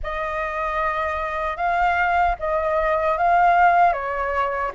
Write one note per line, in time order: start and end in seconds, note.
0.03 1.56 D#5
1.56 2.35 F5
2.39 3.17 D#5
3.17 3.93 F5
3.93 4.72 C#5